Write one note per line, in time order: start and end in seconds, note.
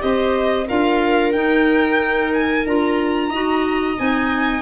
0.00 0.69 C4
0.00 0.66 G4
0.00 0.67 C5
0.00 0.67 D#5
0.67 1.34 D4
0.67 1.34 F4
0.67 3.30 A#4
0.67 1.33 F5
1.33 2.66 D#4
1.33 2.32 G5
2.34 2.67 G#5
2.66 3.30 D4
2.66 3.32 F4
2.66 3.99 A#5
3.30 3.96 D#4
3.30 3.97 F#4
3.30 4.62 D#5
3.97 4.62 C4
3.97 4.62 D#4
3.97 4.62 G#5